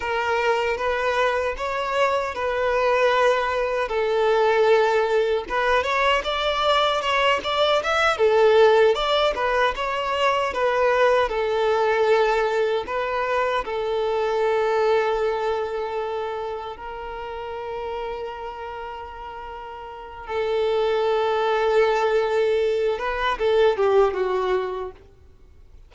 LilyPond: \new Staff \with { instrumentName = "violin" } { \time 4/4 \tempo 4 = 77 ais'4 b'4 cis''4 b'4~ | b'4 a'2 b'8 cis''8 | d''4 cis''8 d''8 e''8 a'4 d''8 | b'8 cis''4 b'4 a'4.~ |
a'8 b'4 a'2~ a'8~ | a'4. ais'2~ ais'8~ | ais'2 a'2~ | a'4. b'8 a'8 g'8 fis'4 | }